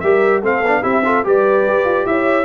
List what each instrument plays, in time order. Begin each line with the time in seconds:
0.00 tuba G3, trombone G4, horn A#4, trumpet E5
0.42 tuba A3, trombone C4, horn A4, trumpet F5
0.62 tuba B3, trombone D4
0.82 tuba C4, trombone E4, horn G4, trumpet E5
1.05 trombone F4, horn A4
1.24 tuba G3, trombone G4, horn B4, trumpet D5
1.67 tuba G4
1.85 tuba F4
2.06 tuba E4, horn C#5, trumpet E5